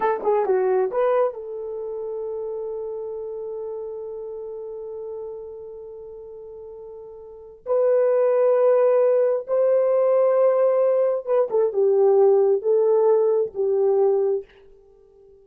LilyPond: \new Staff \with { instrumentName = "horn" } { \time 4/4 \tempo 4 = 133 a'8 gis'8 fis'4 b'4 a'4~ | a'1~ | a'1~ | a'1~ |
a'4 b'2.~ | b'4 c''2.~ | c''4 b'8 a'8 g'2 | a'2 g'2 | }